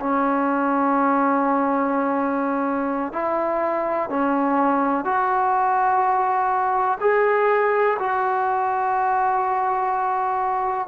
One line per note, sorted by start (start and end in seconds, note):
0.00 3.13 C#4
3.13 4.10 E4
4.10 5.05 C#4
5.05 6.99 F#4
7.01 7.98 G#4
7.99 10.88 F#4